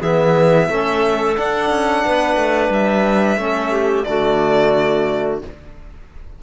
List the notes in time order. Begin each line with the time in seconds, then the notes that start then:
0.00 E3 B3 G#4 E5
0.70 A3 C#4 A4
1.36 D4 F#5
1.71 C#4
2.05 B3 B4
2.36 A3
2.70 G3 E5
3.37 A3 C#4 A4
3.72 G4
4.04 D3 A3 F#4 D5